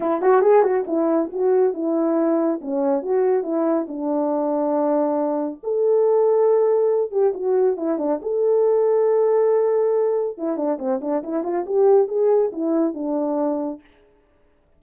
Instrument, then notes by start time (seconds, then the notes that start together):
horn
0.00 E4
0.21 F#4
0.41 G#4
0.62 F#4
0.87 E4
1.32 F#4
1.73 E4
2.61 C#4
3.02 F#4
3.43 E4
3.88 D4
5.63 A4
7.11 G4
7.34 F#4
7.76 E4
7.98 D4
8.22 A4
10.37 E4
10.56 D4
10.78 C4
11.01 D4
11.23 E4
11.43 F4
11.65 G4
12.08 G#4
12.52 E4
12.94 D4